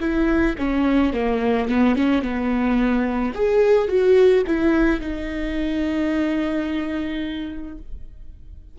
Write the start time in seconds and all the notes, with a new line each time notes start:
0.00 E4
0.58 C#4
1.13 A#3
1.68 B3
1.95 C#4
2.22 B3
3.34 G#4
3.88 F#4
4.46 E4
5.00 D#4